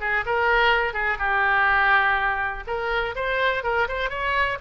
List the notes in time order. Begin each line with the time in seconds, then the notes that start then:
0.00 G#4
0.26 A#4
0.93 G#4
1.18 G4
2.67 A#4
3.15 C5
3.63 A#4
3.88 C5
4.10 C#5